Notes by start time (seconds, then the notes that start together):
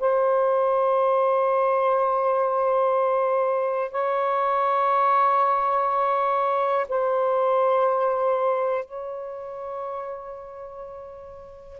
0.00 C5
3.91 C#5
6.89 C5
8.85 C#5